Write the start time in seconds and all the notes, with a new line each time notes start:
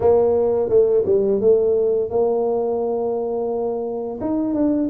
0.00 A#3
0.68 A3
1.05 G3
1.40 A3
2.10 A#3
4.20 D#4
4.54 D4